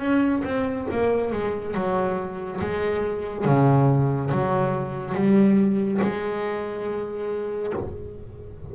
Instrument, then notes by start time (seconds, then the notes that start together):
double bass
0.00 C#4
0.44 C4
0.92 A#3
1.32 G#3
1.75 F#3
2.61 G#3
3.45 C#3
4.31 F#3
5.14 G3
6.02 G#3